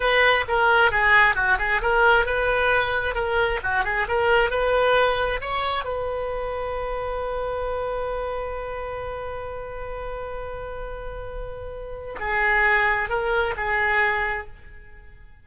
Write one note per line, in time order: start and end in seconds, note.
0.00 0.44 B4
0.48 0.91 A#4
0.91 1.35 G#4
1.35 1.57 F#4
1.58 1.81 G#4
1.81 2.25 A#4
2.25 3.15 B4
3.15 3.60 A#4
3.63 3.84 F#4
3.84 4.07 G#4
4.08 4.50 A#4
4.50 5.40 B4
5.40 5.84 C#5
5.84 12.16 B4
12.19 13.09 G#4
13.09 13.54 A#4
13.56 14.46 G#4